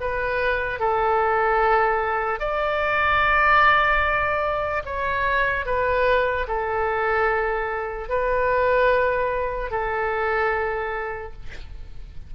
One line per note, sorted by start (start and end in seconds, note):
0.00 0.80 B4
0.80 2.40 A4
2.40 4.83 D5
4.85 5.65 C#5
5.65 6.46 B4
6.48 8.09 A4
8.09 9.71 B4
9.71 11.33 A4